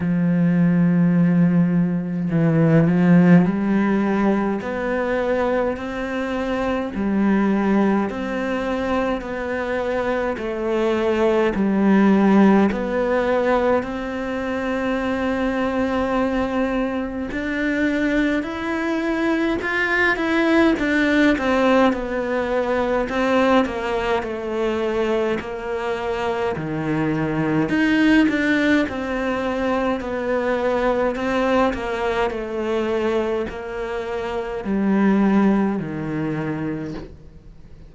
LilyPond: \new Staff \with { instrumentName = "cello" } { \time 4/4 \tempo 4 = 52 f2 e8 f8 g4 | b4 c'4 g4 c'4 | b4 a4 g4 b4 | c'2. d'4 |
e'4 f'8 e'8 d'8 c'8 b4 | c'8 ais8 a4 ais4 dis4 | dis'8 d'8 c'4 b4 c'8 ais8 | a4 ais4 g4 dis4 | }